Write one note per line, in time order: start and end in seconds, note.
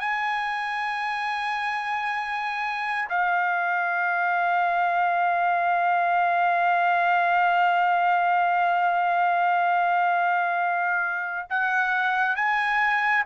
0.00 3.09 G#5
3.09 11.47 F5
11.50 12.36 F#5
12.36 13.24 G#5